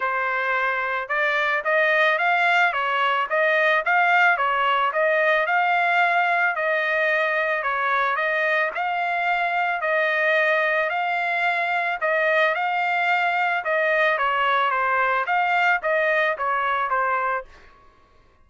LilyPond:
\new Staff \with { instrumentName = "trumpet" } { \time 4/4 \tempo 4 = 110 c''2 d''4 dis''4 | f''4 cis''4 dis''4 f''4 | cis''4 dis''4 f''2 | dis''2 cis''4 dis''4 |
f''2 dis''2 | f''2 dis''4 f''4~ | f''4 dis''4 cis''4 c''4 | f''4 dis''4 cis''4 c''4 | }